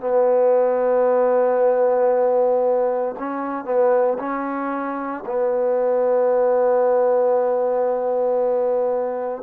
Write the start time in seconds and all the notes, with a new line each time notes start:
0.00 B3
3.19 C#4
3.65 B3
4.19 C#4
5.26 B3